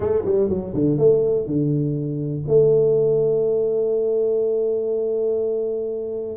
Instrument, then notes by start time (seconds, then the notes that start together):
tuba
0.00 A3
0.25 G3
0.49 F#3
0.73 D3
0.98 A3
1.46 D3
2.47 A3